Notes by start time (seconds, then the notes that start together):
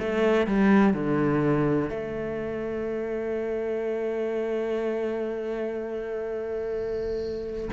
0.00 A3
0.48 G3
0.94 D3
1.90 A3